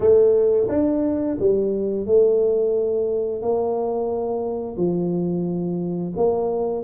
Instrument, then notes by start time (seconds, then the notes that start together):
tuba
0.00 A3
0.68 D4
1.39 G3
2.06 A3
3.42 A#3
4.77 F3
6.16 A#3